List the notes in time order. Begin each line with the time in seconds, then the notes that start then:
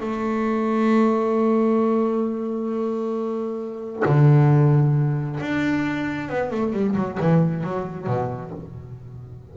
0.00 A3
4.05 D3
5.40 D4
6.29 B3
6.51 A3
6.73 G3
6.96 F#3
7.20 E3
7.64 F#3
8.07 B2